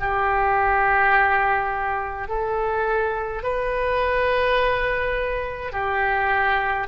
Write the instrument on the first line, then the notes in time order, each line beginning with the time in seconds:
oboe
0.00 G4
2.28 A4
3.43 B4
5.72 G4